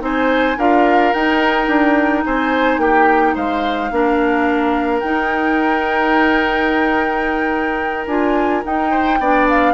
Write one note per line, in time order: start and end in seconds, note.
0.00 0.57 C4
0.00 0.56 D#4
0.00 0.58 C5
0.00 0.60 G#5
0.58 1.13 D4
0.58 1.15 F4
0.58 2.25 A#4
0.58 1.13 F5
1.13 1.68 D#4
1.13 3.92 D#4
1.13 2.24 G5
1.68 2.24 D4
2.26 2.78 C4
2.26 2.81 C5
2.26 2.80 G#5
2.78 3.34 A#3
2.78 3.35 G4
2.78 3.35 G5
3.35 3.91 G#3
3.35 3.90 C5
3.35 5.00 F5
3.91 5.03 A#3
3.91 5.03 D4
3.91 8.91 A#4
5.00 8.07 D#4
5.00 8.09 D#4
5.00 8.06 G5
8.07 8.63 D4
8.07 8.64 F4
8.07 8.63 G#5
8.64 9.20 D#4
8.64 9.19 D#4
8.64 9.49 G5
8.91 9.19 C5
9.19 9.74 B3
9.19 9.74 D4
9.19 9.74 D5
9.49 9.74 F5